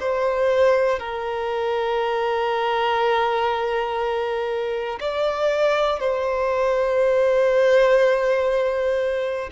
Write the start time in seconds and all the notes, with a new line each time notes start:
0.00 C5
0.99 A#4
5.00 D5
6.00 C5